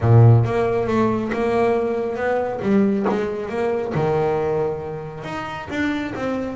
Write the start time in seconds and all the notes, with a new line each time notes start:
0.00 A#2
0.44 A#3
0.87 A3
1.33 A#3
2.16 B3
2.62 G3
3.09 G#3
3.49 A#3
3.94 D#3
5.24 D#4
5.70 D4
6.15 C4